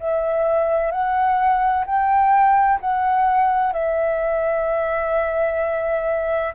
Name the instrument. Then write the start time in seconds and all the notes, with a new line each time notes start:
flute
0.00 E5
0.91 F#5
1.86 G5
2.81 F#5
3.73 E5